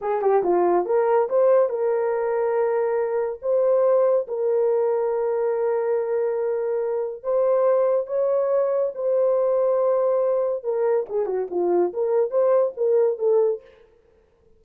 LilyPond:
\new Staff \with { instrumentName = "horn" } { \time 4/4 \tempo 4 = 141 gis'8 g'8 f'4 ais'4 c''4 | ais'1 | c''2 ais'2~ | ais'1~ |
ais'4 c''2 cis''4~ | cis''4 c''2.~ | c''4 ais'4 gis'8 fis'8 f'4 | ais'4 c''4 ais'4 a'4 | }